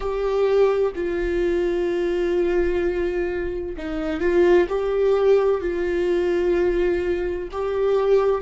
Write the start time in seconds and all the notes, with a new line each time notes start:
0.00 G4
0.95 F4
3.77 D#4
4.20 F4
4.68 G4
5.61 F4
7.51 G4